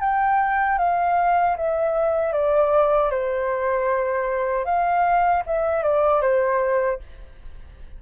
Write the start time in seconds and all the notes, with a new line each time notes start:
0.00 G5
0.78 F5
1.57 E5
2.33 D5
3.11 C5
4.65 F5
5.46 E5
5.83 D5
6.21 C5